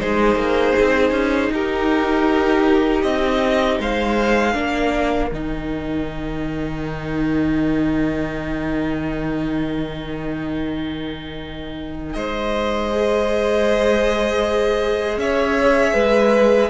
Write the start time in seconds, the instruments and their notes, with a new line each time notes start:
0.00 cello G#3, viola D#4, violin G#4 C5
0.36 cello A#3
0.80 cello C4
1.12 cello C#4
1.52 cello D#4, violin G4 A#4
3.02 cello C4, violin D#5
3.80 cello G#3, violin C5 F5
4.54 cello A#3, viola D4, violin A#4
5.32 cello D#3, viola D#4, violin G5
12.14 cello G#3, violin C5 D#5
12.92 viola G#4
15.18 cello C#4, violin C#5 E5
15.94 cello G#3, violin B4